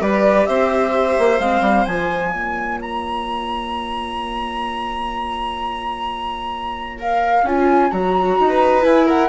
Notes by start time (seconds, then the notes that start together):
0.00 G3 G4 B4 D5
0.46 C4 C5 E5
1.19 A#3
1.40 G#3 C4 F5
1.61 G3
1.86 F3 F4 G#5
2.32 A#3 C#5
2.81 A#5
6.99 A#4 F5
7.43 C#4 F4 G#5
7.91 F#3 F#4 A#5
8.40 D#4
8.49 B4
8.82 E4 G#5
9.06 A#4 F#5